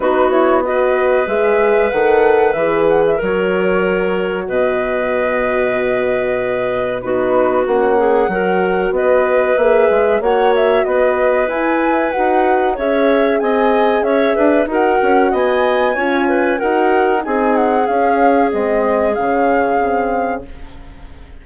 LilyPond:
<<
  \new Staff \with { instrumentName = "flute" } { \time 4/4 \tempo 4 = 94 b'8 cis''8 dis''4 e''4 fis''4 | e''8 fis''16 e''16 cis''2 dis''4~ | dis''2. b'4 | fis''2 dis''4 e''4 |
fis''8 e''8 dis''4 gis''4 fis''4 | e''4 gis''4 e''4 fis''4 | gis''2 fis''4 gis''8 fis''8 | f''4 dis''4 f''2 | }
  \new Staff \with { instrumentName = "clarinet" } { \time 4/4 fis'4 b'2.~ | b'4 ais'2 b'4~ | b'2. fis'4~ | fis'8 gis'8 ais'4 b'2 |
cis''4 b'2. | cis''4 dis''4 cis''8 b'8 ais'4 | dis''4 cis''8 b'8 ais'4 gis'4~ | gis'1 | }
  \new Staff \with { instrumentName = "horn" } { \time 4/4 dis'8 e'8 fis'4 gis'4 a'4 | gis'4 fis'2.~ | fis'2. dis'4 | cis'4 fis'2 gis'4 |
fis'2 e'4 fis'4 | gis'2. fis'4~ | fis'4 f'4 fis'4 dis'4 | cis'4 c'4 cis'4 c'4 | }
  \new Staff \with { instrumentName = "bassoon" } { \time 4/4 b2 gis4 dis4 | e4 fis2 b,4~ | b,2. b4 | ais4 fis4 b4 ais8 gis8 |
ais4 b4 e'4 dis'4 | cis'4 c'4 cis'8 d'8 dis'8 cis'8 | b4 cis'4 dis'4 c'4 | cis'4 gis4 cis2 | }
>>